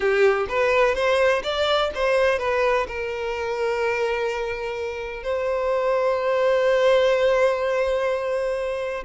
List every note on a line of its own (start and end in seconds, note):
0.00 0.47 G4
0.48 0.95 B4
0.95 1.42 C5
1.43 1.90 D5
1.94 2.39 C5
2.39 2.86 B4
2.87 5.23 A#4
5.23 9.03 C5